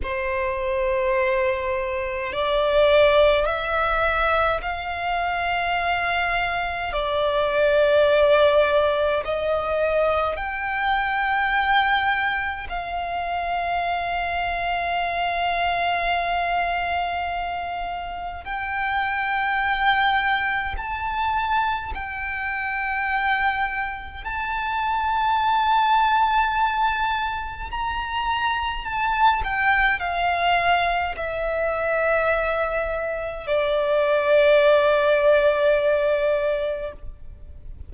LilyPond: \new Staff \with { instrumentName = "violin" } { \time 4/4 \tempo 4 = 52 c''2 d''4 e''4 | f''2 d''2 | dis''4 g''2 f''4~ | f''1 |
g''2 a''4 g''4~ | g''4 a''2. | ais''4 a''8 g''8 f''4 e''4~ | e''4 d''2. | }